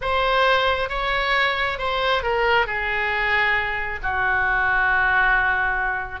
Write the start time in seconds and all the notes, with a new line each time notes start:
0.01 C5
0.89 C#5
1.78 C5
2.23 A#4
2.66 G#4
4.02 F#4